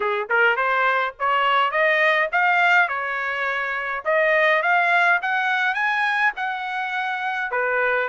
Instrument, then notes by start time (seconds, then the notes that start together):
trumpet
0.00 G#4
0.29 A#4
0.56 C5
1.19 C#5
1.71 D#5
2.32 F5
2.88 C#5
4.04 D#5
4.62 F5
5.22 F#5
5.74 G#5
6.36 F#5
7.51 B4